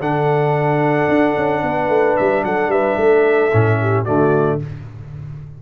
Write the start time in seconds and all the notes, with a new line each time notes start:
0.00 D3 D4 A4 F#5
1.09 D4
1.37 C#4
1.63 B3 B4
1.89 A3
2.17 G3 E5
2.44 F#3 A4 F#5
2.68 G3 B4 E5
2.97 A3 A4
3.53 A2 C#4
3.82 G4
4.04 D3 A3 F#4 D5